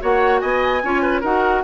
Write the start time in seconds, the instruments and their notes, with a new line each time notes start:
0.00 bassoon A#3, clarinet F#4, oboe C#5, flute F#5
0.40 bassoon B3, oboe D#5, flute G#5
0.84 bassoon C#4, clarinet F4, oboe C#5
1.02 oboe B4
1.21 bassoon D#4, clarinet F#4, oboe A#4, flute F#5